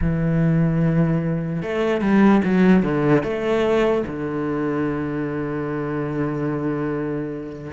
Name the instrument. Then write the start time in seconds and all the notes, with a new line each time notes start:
cello
0.01 E3
1.62 A3
2.00 G3
2.44 F#3
2.82 D3
3.22 A3
4.07 D3